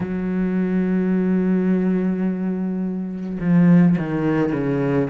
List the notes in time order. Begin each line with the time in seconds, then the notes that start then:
0.00 F#3
3.40 F3
3.98 D#3
4.52 C#3